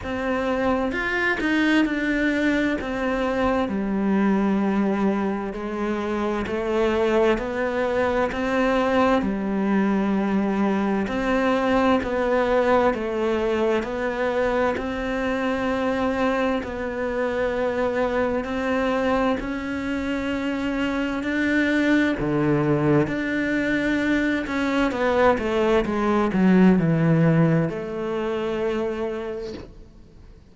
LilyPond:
\new Staff \with { instrumentName = "cello" } { \time 4/4 \tempo 4 = 65 c'4 f'8 dis'8 d'4 c'4 | g2 gis4 a4 | b4 c'4 g2 | c'4 b4 a4 b4 |
c'2 b2 | c'4 cis'2 d'4 | d4 d'4. cis'8 b8 a8 | gis8 fis8 e4 a2 | }